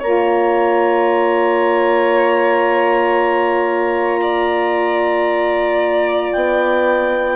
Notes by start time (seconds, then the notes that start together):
0.00 A#3 F4 C#5 A#5
4.22 D5
6.33 B3 G5